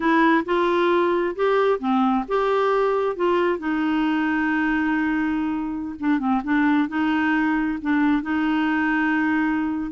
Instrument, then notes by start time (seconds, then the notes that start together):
clarinet
0.00 E4
0.45 F4
1.35 G4
1.79 C4
2.27 G4
3.16 F4
3.59 D#4
5.99 D4
6.19 C4
6.44 D4
6.88 D#4
7.81 D4
8.22 D#4